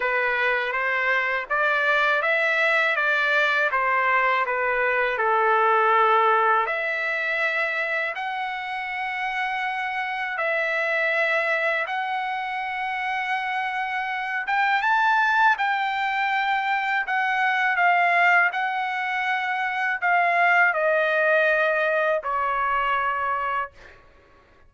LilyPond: \new Staff \with { instrumentName = "trumpet" } { \time 4/4 \tempo 4 = 81 b'4 c''4 d''4 e''4 | d''4 c''4 b'4 a'4~ | a'4 e''2 fis''4~ | fis''2 e''2 |
fis''2.~ fis''8 g''8 | a''4 g''2 fis''4 | f''4 fis''2 f''4 | dis''2 cis''2 | }